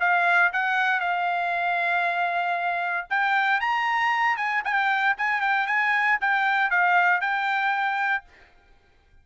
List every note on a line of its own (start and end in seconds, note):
0.00 0.52 F5
0.53 1.00 F#5
1.00 3.07 F5
3.10 3.60 G5
3.60 4.37 A#5
4.37 4.62 G#5
4.64 5.16 G5
5.17 5.41 G#5
5.41 5.67 G5
5.67 6.18 G#5
6.20 6.70 G5
6.70 7.21 F5
7.21 8.24 G5